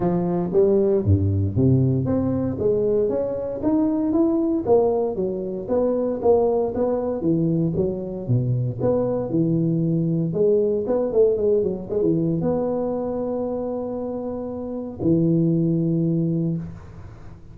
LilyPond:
\new Staff \with { instrumentName = "tuba" } { \time 4/4 \tempo 4 = 116 f4 g4 g,4 c4 | c'4 gis4 cis'4 dis'4 | e'4 ais4 fis4 b4 | ais4 b4 e4 fis4 |
b,4 b4 e2 | gis4 b8 a8 gis8 fis8 gis16 e8. | b1~ | b4 e2. | }